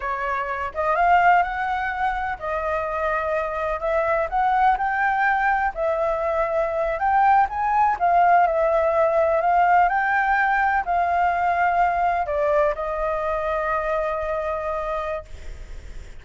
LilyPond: \new Staff \with { instrumentName = "flute" } { \time 4/4 \tempo 4 = 126 cis''4. dis''8 f''4 fis''4~ | fis''4 dis''2. | e''4 fis''4 g''2 | e''2~ e''8. g''4 gis''16~ |
gis''8. f''4 e''2 f''16~ | f''8. g''2 f''4~ f''16~ | f''4.~ f''16 d''4 dis''4~ dis''16~ | dis''1 | }